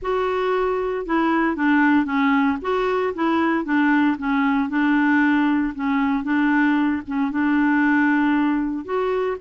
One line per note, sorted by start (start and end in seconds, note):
0.02 1.06 F#4
1.06 1.56 E4
1.56 2.05 D4
2.05 2.57 C#4
2.61 3.13 F#4
3.14 3.64 E4
3.64 4.16 D4
4.17 4.69 C#4
4.69 5.73 D4
5.74 6.23 C#4
6.23 7.02 D4
7.07 7.31 C#4
7.31 8.84 D4
8.84 9.37 F#4